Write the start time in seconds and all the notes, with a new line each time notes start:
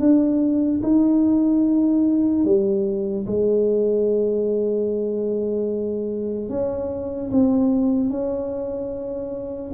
0.00 D4
0.83 D#4
2.45 G3
3.27 G#3
6.49 C#4
7.31 C4
8.10 C#4